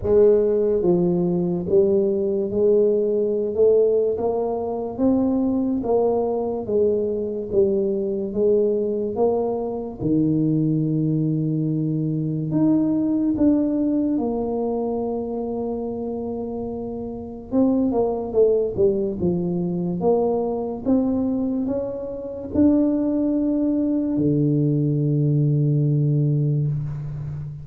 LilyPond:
\new Staff \with { instrumentName = "tuba" } { \time 4/4 \tempo 4 = 72 gis4 f4 g4 gis4~ | gis16 a8. ais4 c'4 ais4 | gis4 g4 gis4 ais4 | dis2. dis'4 |
d'4 ais2.~ | ais4 c'8 ais8 a8 g8 f4 | ais4 c'4 cis'4 d'4~ | d'4 d2. | }